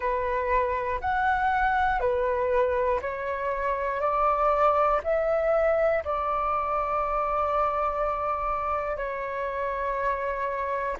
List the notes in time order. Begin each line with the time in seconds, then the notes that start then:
0.00 B4
1.00 F#5
2.00 B4
3.01 C#5
4.00 D5
5.03 E5
6.04 D5
8.96 C#5